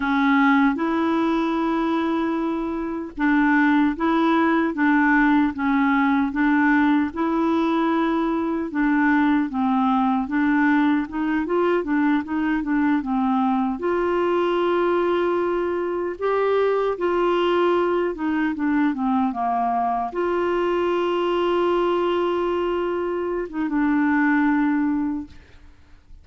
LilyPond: \new Staff \with { instrumentName = "clarinet" } { \time 4/4 \tempo 4 = 76 cis'4 e'2. | d'4 e'4 d'4 cis'4 | d'4 e'2 d'4 | c'4 d'4 dis'8 f'8 d'8 dis'8 |
d'8 c'4 f'2~ f'8~ | f'8 g'4 f'4. dis'8 d'8 | c'8 ais4 f'2~ f'8~ | f'4.~ f'16 dis'16 d'2 | }